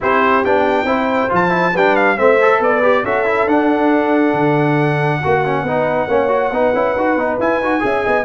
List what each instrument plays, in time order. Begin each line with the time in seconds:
0.01 tuba C4, trombone E4, horn G4, trumpet C5
0.44 tuba B3, trombone D4, trumpet G5
0.84 tuba C4, trombone E4, horn C5
1.29 tuba F3, trombone F4, trumpet A5
1.49 trombone E4
1.72 tuba G3, trombone D4, horn B4, trumpet G5
1.96 trumpet F5
2.16 tuba A3, trombone C4, horn C5, trumpet E5
2.41 trombone A4
2.59 tuba B3, horn B4, trumpet D5
2.82 trombone G4
3.03 tuba C#4, trombone F#4, horn A4, trumpet E5
3.25 trombone E4
3.46 tuba D4, trombone D4, trumpet F#5
4.33 tuba D3
5.20 tuba A#3, horn F#4, trombone F#4
5.45 trombone C#4
5.62 tuba B3, trombone D#4, horn B4
6.07 tuba A#3, trombone C#4, horn C#5
6.28 trombone F#4
6.50 tuba B3, trombone D#4, horn B4
6.74 tuba C#4, trombone E4
6.95 tuba D#4, trombone F#4
7.16 tuba B3, trombone D#4
7.38 tuba E4, trombone E4, trumpet G#5
7.59 tuba D#4, trombone F#4
7.80 tuba C#4, trombone G#4, horn E5
8.05 tuba B3, horn D#5